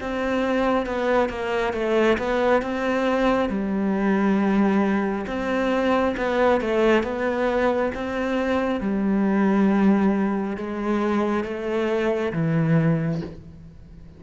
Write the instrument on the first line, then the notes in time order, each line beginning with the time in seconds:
cello
0.00 C4
0.85 B3
1.29 A#3
1.73 A3
2.17 B3
2.62 C4
3.49 G3
5.27 C4
6.16 B3
6.61 A3
7.03 B3
7.94 C4
8.80 G3
10.56 G#3
11.43 A3
12.32 E3